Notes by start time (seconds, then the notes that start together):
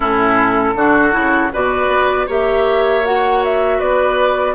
0.00 A2 C#4 E4 A4
0.75 D3 D4 F#4
1.12 C#3 E4
1.52 B2 F#4 B4 D5
1.88 B3
2.26 A#3 G4 C#5 E5
3.04 F#4 F#5
3.44 E5
3.78 B3 B4 D5